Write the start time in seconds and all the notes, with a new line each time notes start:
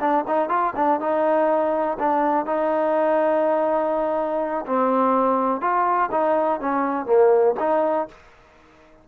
0.00 D4
0.27 D#4
0.49 F4
0.75 D4
1.00 D#4
1.99 D4
2.45 D#4
4.66 C4
5.61 F4
6.11 D#4
6.60 C#4
7.06 A#3
7.59 D#4